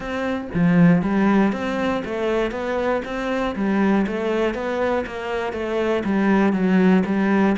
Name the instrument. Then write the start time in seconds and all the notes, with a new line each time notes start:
cello
0.00 C4
0.54 F3
1.02 G3
1.52 C4
2.04 A3
2.51 B3
3.05 C4
3.55 G3
4.06 A3
4.54 B3
5.06 A#3
5.52 A3
6.04 G3
6.52 F#3
7.05 G3